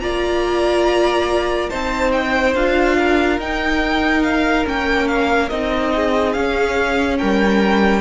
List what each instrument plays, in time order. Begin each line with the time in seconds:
0.00 cello A#3, viola F4, violin D5 A#5
1.69 cello C4, viola D#4, violin C5 A5
2.12 violin G5
2.54 cello D4, viola F4, violin F5
2.98 violin A#4
3.39 cello D#4, viola D#4, violin G5
4.23 violin F5
4.65 cello A#3, viola C#4, violin G5
5.08 violin F5
5.49 cello C4, viola D#4, violin D#5
5.95 violin G#4
6.32 cello C#4, viola C#4, violin F5
7.18 cello G3, violin A#4 G5